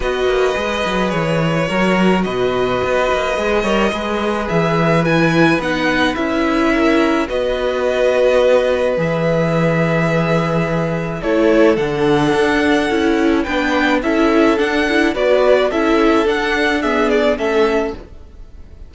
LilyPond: <<
  \new Staff \with { instrumentName = "violin" } { \time 4/4 \tempo 4 = 107 dis''2 cis''2 | dis''1 | e''4 gis''4 fis''4 e''4~ | e''4 dis''2. |
e''1 | cis''4 fis''2. | g''4 e''4 fis''4 d''4 | e''4 fis''4 e''8 d''8 e''4 | }
  \new Staff \with { instrumentName = "violin" } { \time 4/4 b'2. ais'4 | b'2~ b'8 cis''8 b'4~ | b'1 | ais'4 b'2.~ |
b'1 | a'1 | b'4 a'2 b'4 | a'2 gis'4 a'4 | }
  \new Staff \with { instrumentName = "viola" } { \time 4/4 fis'4 gis'2 fis'4~ | fis'2 gis'8 ais'8 gis'4~ | gis'4 e'4 dis'4 e'4~ | e'4 fis'2. |
gis'1 | e'4 d'2 e'4 | d'4 e'4 d'8 e'8 fis'4 | e'4 d'4 b4 cis'4 | }
  \new Staff \with { instrumentName = "cello" } { \time 4/4 b8 ais8 gis8 fis8 e4 fis4 | b,4 b8 ais8 gis8 g8 gis4 | e2 b4 cis'4~ | cis'4 b2. |
e1 | a4 d4 d'4 cis'4 | b4 cis'4 d'4 b4 | cis'4 d'2 a4 | }
>>